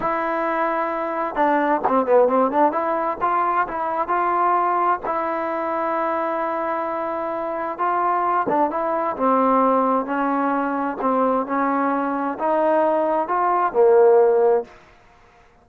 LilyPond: \new Staff \with { instrumentName = "trombone" } { \time 4/4 \tempo 4 = 131 e'2. d'4 | c'8 b8 c'8 d'8 e'4 f'4 | e'4 f'2 e'4~ | e'1~ |
e'4 f'4. d'8 e'4 | c'2 cis'2 | c'4 cis'2 dis'4~ | dis'4 f'4 ais2 | }